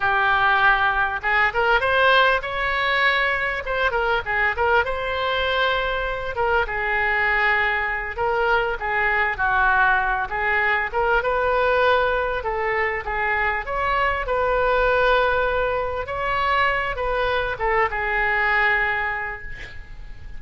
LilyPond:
\new Staff \with { instrumentName = "oboe" } { \time 4/4 \tempo 4 = 99 g'2 gis'8 ais'8 c''4 | cis''2 c''8 ais'8 gis'8 ais'8 | c''2~ c''8 ais'8 gis'4~ | gis'4. ais'4 gis'4 fis'8~ |
fis'4 gis'4 ais'8 b'4.~ | b'8 a'4 gis'4 cis''4 b'8~ | b'2~ b'8 cis''4. | b'4 a'8 gis'2~ gis'8 | }